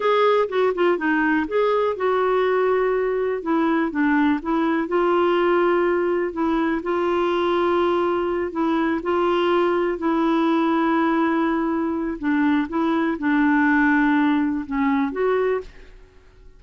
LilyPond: \new Staff \with { instrumentName = "clarinet" } { \time 4/4 \tempo 4 = 123 gis'4 fis'8 f'8 dis'4 gis'4 | fis'2. e'4 | d'4 e'4 f'2~ | f'4 e'4 f'2~ |
f'4. e'4 f'4.~ | f'8 e'2.~ e'8~ | e'4 d'4 e'4 d'4~ | d'2 cis'4 fis'4 | }